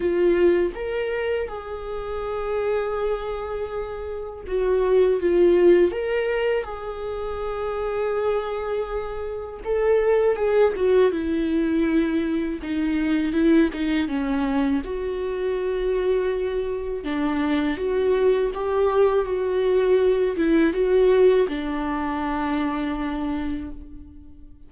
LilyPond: \new Staff \with { instrumentName = "viola" } { \time 4/4 \tempo 4 = 81 f'4 ais'4 gis'2~ | gis'2 fis'4 f'4 | ais'4 gis'2.~ | gis'4 a'4 gis'8 fis'8 e'4~ |
e'4 dis'4 e'8 dis'8 cis'4 | fis'2. d'4 | fis'4 g'4 fis'4. e'8 | fis'4 d'2. | }